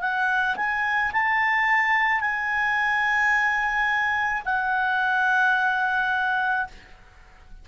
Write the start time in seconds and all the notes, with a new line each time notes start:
0.00 F#5
0.56 G#5
1.13 A5
2.20 G#5
4.45 F#5